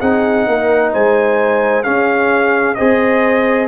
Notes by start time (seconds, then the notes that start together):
0.00 C4 D#4 G#4 F#5
0.48 A#3 A#4
0.93 G#3 C5 G#5
1.83 C#4 G#4 F5
2.75 C4 G#4 C5 D#5